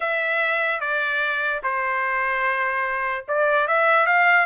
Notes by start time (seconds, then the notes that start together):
0.00 E5
0.80 D5
1.63 C5
3.28 D5
3.67 E5
4.06 F5